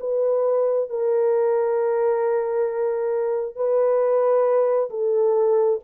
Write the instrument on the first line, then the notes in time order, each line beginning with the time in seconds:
horn
0.00 B4
0.90 A#4
3.55 B4
4.90 A4